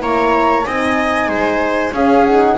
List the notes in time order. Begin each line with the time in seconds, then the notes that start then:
0.00 A#3 E4 C#5 A#5
0.64 C4 D#4 D#5 G#5
1.28 G#3 C5
1.92 C#4 G#4 F5
2.25 D#4 F#5